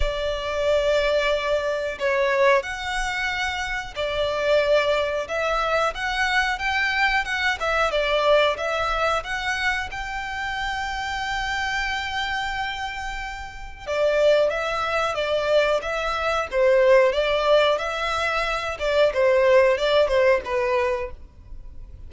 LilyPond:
\new Staff \with { instrumentName = "violin" } { \time 4/4 \tempo 4 = 91 d''2. cis''4 | fis''2 d''2 | e''4 fis''4 g''4 fis''8 e''8 | d''4 e''4 fis''4 g''4~ |
g''1~ | g''4 d''4 e''4 d''4 | e''4 c''4 d''4 e''4~ | e''8 d''8 c''4 d''8 c''8 b'4 | }